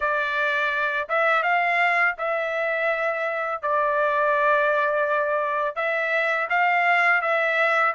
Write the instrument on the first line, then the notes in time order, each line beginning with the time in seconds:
trumpet
0.00 D5
1.08 E5
1.43 F5
2.18 E5
3.61 D5
5.75 E5
6.49 F5
7.21 E5